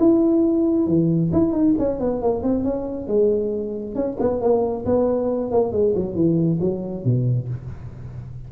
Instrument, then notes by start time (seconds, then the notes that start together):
tuba
0.00 E4
0.87 E3
1.33 E4
1.53 D#4
1.79 C#4
2.00 B3
2.22 A#3
2.43 C4
2.64 C#4
3.08 G#3
3.95 C#4
4.20 B3
4.41 A#3
4.86 B3
5.51 A#3
5.73 G#3
5.96 F#3
6.15 E3
6.61 F#3
7.05 B2